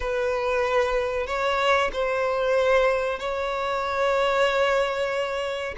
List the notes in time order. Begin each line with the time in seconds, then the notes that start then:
0.00 B4
1.26 C#5
1.92 C5
3.19 C#5